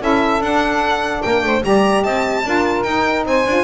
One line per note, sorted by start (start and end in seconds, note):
0.00 0.41 C#4
0.00 0.41 E4
0.00 1.23 A4
0.00 0.43 E5
0.41 1.22 D4
0.41 1.62 D4
0.41 1.22 F#5
1.22 1.43 A#3
1.22 1.44 A#4
1.22 1.63 G5
1.43 1.63 A3
1.43 1.66 C5
1.62 2.05 G3
1.62 2.43 G4
1.62 2.04 D5
1.62 2.04 A#5
2.04 2.45 C4
2.04 2.44 D#5
2.04 2.83 A5
2.45 2.85 D4
2.45 2.85 F4
2.45 3.27 A#4
2.83 3.25 D#4
2.83 3.47 D#4
2.83 3.24 G5
3.25 3.45 C4
3.25 3.64 C5
3.25 3.64 G#5
3.47 3.64 D4
3.47 3.64 F4